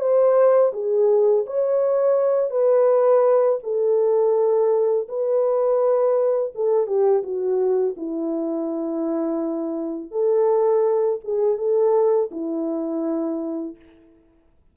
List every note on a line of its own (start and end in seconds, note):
0.00 0.72 C5
0.73 1.45 G#4
1.47 2.51 C#5
2.51 3.59 B4
3.63 5.08 A4
5.08 6.53 B4
6.55 6.87 A4
6.87 7.23 G4
7.23 7.96 F#4
7.97 10.11 E4
10.11 11.20 A4
11.24 11.58 G#4
11.58 12.30 A4
12.32 13.76 E4